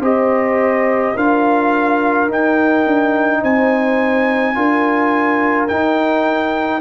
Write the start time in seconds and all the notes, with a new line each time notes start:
0.00 C4 G4 C5 D#5
1.15 D4 F4 A#4 F5
2.29 D#4 G5
2.86 D4
3.42 C4 C5 G#5
4.55 D4 F4 A#4
5.68 D#4 G5